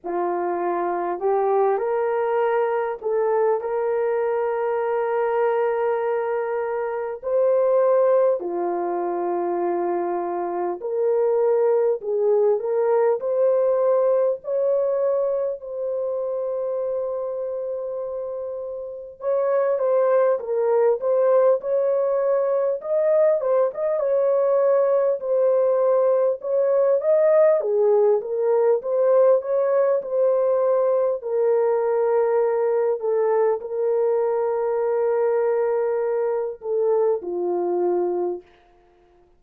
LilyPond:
\new Staff \with { instrumentName = "horn" } { \time 4/4 \tempo 4 = 50 f'4 g'8 ais'4 a'8 ais'4~ | ais'2 c''4 f'4~ | f'4 ais'4 gis'8 ais'8 c''4 | cis''4 c''2. |
cis''8 c''8 ais'8 c''8 cis''4 dis''8 c''16 dis''16 | cis''4 c''4 cis''8 dis''8 gis'8 ais'8 | c''8 cis''8 c''4 ais'4. a'8 | ais'2~ ais'8 a'8 f'4 | }